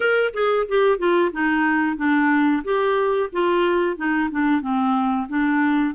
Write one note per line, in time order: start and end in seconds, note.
0.00 0.33 A#4
0.33 0.66 G#4
0.68 0.98 G4
0.98 1.31 F4
1.32 1.97 D#4
1.97 2.63 D4
2.63 3.29 G4
3.32 3.96 F4
3.96 4.29 D#4
4.30 4.61 D4
4.61 5.27 C4
5.28 5.94 D4